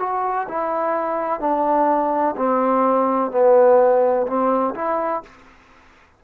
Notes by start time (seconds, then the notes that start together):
0.00 F#4
0.49 E4
1.40 D4
2.37 C4
3.32 B3
4.27 C4
4.75 E4